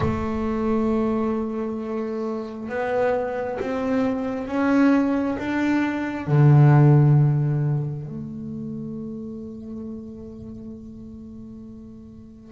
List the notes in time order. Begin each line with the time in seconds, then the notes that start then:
0.00 A3
2.69 B3
3.59 C4
4.47 C#4
5.38 D4
6.27 D3
8.06 A3